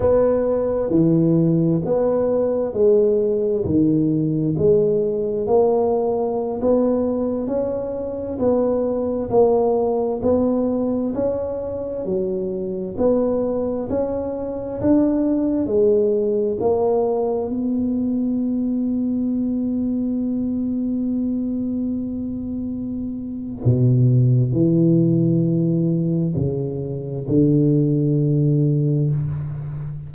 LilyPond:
\new Staff \with { instrumentName = "tuba" } { \time 4/4 \tempo 4 = 66 b4 e4 b4 gis4 | dis4 gis4 ais4~ ais16 b8.~ | b16 cis'4 b4 ais4 b8.~ | b16 cis'4 fis4 b4 cis'8.~ |
cis'16 d'4 gis4 ais4 b8.~ | b1~ | b2 b,4 e4~ | e4 cis4 d2 | }